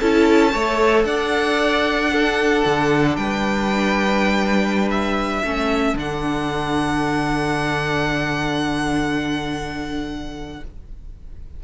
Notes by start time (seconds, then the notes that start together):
0.00 C#4 E4 A4 A5
0.52 A3 A4 C#5
1.05 D4 D5 F#5
2.13 D4 A4
2.66 D3
3.17 G3 B4 G5
4.91 E5
5.44 A3 C#4 A4
5.95 D3 D4 F#5